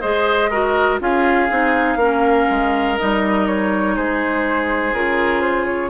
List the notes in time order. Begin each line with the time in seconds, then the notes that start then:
0.00 G#3 G#4 C5 D#5
0.50 F#4 A#4
0.99 C#4 F4 G#4 F5
1.49 C4 D#4
1.96 A#3 C#4 A#4
2.49 G#3
2.98 G3 D#4 D#5
3.47 C#5
3.96 G#3 G#4 C5
4.93 C#3 F4 A#4
5.40 C5
5.65 C#5